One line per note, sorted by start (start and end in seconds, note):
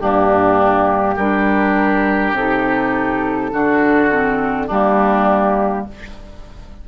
0.00 1.17 G2
0.00 1.18 A#3
0.00 1.15 D4
0.00 1.17 G4
1.15 2.32 G3
1.15 2.37 D4
1.15 3.50 G4
1.15 2.35 A#4
2.32 3.50 C3
2.32 3.52 D#4
2.32 4.69 A4
3.52 4.70 D3
3.52 4.10 D4
3.52 4.67 F#4
4.10 4.69 C4
4.67 5.87 G3
4.67 5.87 A#3
4.67 5.84 D4
4.67 5.87 G4